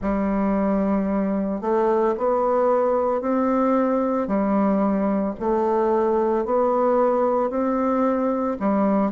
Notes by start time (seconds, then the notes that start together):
0.01 G3
1.61 A3
2.17 B3
3.21 C4
4.27 G3
5.39 A3
6.45 B3
7.50 C4
8.59 G3